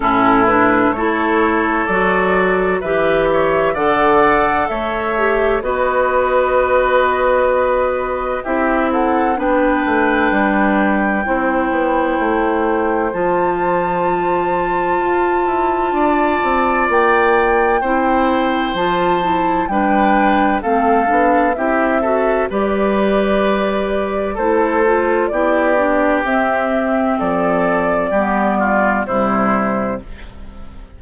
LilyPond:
<<
  \new Staff \with { instrumentName = "flute" } { \time 4/4 \tempo 4 = 64 a'8 b'8 cis''4 d''4 e''4 | fis''4 e''4 dis''2~ | dis''4 e''8 fis''8 g''2~ | g''2 a''2~ |
a''2 g''2 | a''4 g''4 f''4 e''4 | d''2 c''4 d''4 | e''4 d''2 c''4 | }
  \new Staff \with { instrumentName = "oboe" } { \time 4/4 e'4 a'2 b'8 cis''8 | d''4 cis''4 b'2~ | b'4 g'8 a'8 b'2 | c''1~ |
c''4 d''2 c''4~ | c''4 b'4 a'4 g'8 a'8 | b'2 a'4 g'4~ | g'4 a'4 g'8 f'8 e'4 | }
  \new Staff \with { instrumentName = "clarinet" } { \time 4/4 cis'8 d'8 e'4 fis'4 g'4 | a'4. g'8 fis'2~ | fis'4 e'4 d'2 | e'2 f'2~ |
f'2. e'4 | f'8 e'8 d'4 c'8 d'8 e'8 fis'8 | g'2 e'8 f'8 e'8 d'8 | c'2 b4 g4 | }
  \new Staff \with { instrumentName = "bassoon" } { \time 4/4 a,4 a4 fis4 e4 | d4 a4 b2~ | b4 c'4 b8 a8 g4 | c'8 b8 a4 f2 |
f'8 e'8 d'8 c'8 ais4 c'4 | f4 g4 a8 b8 c'4 | g2 a4 b4 | c'4 f4 g4 c4 | }
>>